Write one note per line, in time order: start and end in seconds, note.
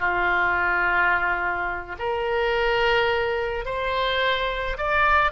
0.00 1.96 F4
1.99 3.65 A#4
3.65 4.77 C5
4.78 5.32 D5